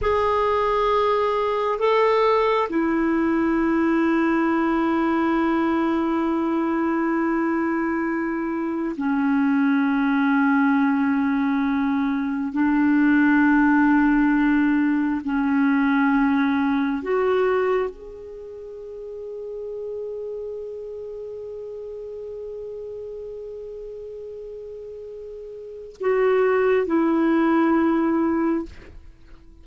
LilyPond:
\new Staff \with { instrumentName = "clarinet" } { \time 4/4 \tempo 4 = 67 gis'2 a'4 e'4~ | e'1~ | e'2 cis'2~ | cis'2 d'2~ |
d'4 cis'2 fis'4 | gis'1~ | gis'1~ | gis'4 fis'4 e'2 | }